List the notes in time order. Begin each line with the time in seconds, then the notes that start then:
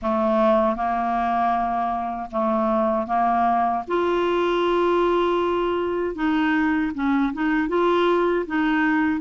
0.02 A3
0.76 A#3
2.31 A3
3.06 A#3
3.87 F4
6.15 D#4
6.94 C#4
7.33 D#4
7.68 F4
8.46 D#4